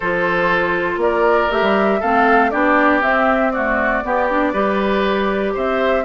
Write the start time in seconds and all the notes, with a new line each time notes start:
0.00 F3 F4 A4 C5
0.97 A#3 A#4 D5
1.50 A3 G4 E5
1.61 G3
2.00 A3 C4 A4 F5
2.50 B3 D4 G4 D5
3.01 C4 E5
3.51 A3 F#4 D5
4.03 B3 G4
4.29 D4
4.52 G3 G4 B4
5.54 C4 C5 E5